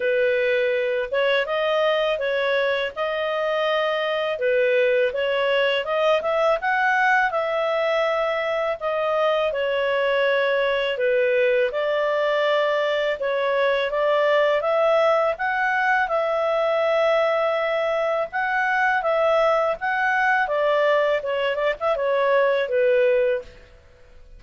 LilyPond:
\new Staff \with { instrumentName = "clarinet" } { \time 4/4 \tempo 4 = 82 b'4. cis''8 dis''4 cis''4 | dis''2 b'4 cis''4 | dis''8 e''8 fis''4 e''2 | dis''4 cis''2 b'4 |
d''2 cis''4 d''4 | e''4 fis''4 e''2~ | e''4 fis''4 e''4 fis''4 | d''4 cis''8 d''16 e''16 cis''4 b'4 | }